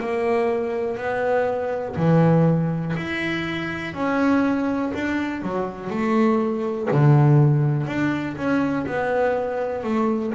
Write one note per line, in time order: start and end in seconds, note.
0.00 0.97 A#3
0.97 1.95 B3
1.96 2.95 E3
2.96 3.94 E4
3.94 4.92 C#4
4.94 5.42 D4
5.42 5.90 F#3
5.90 6.89 A3
6.91 7.86 D3
7.86 8.36 D4
8.37 8.86 C#4
8.86 9.84 B3
9.84 10.33 A3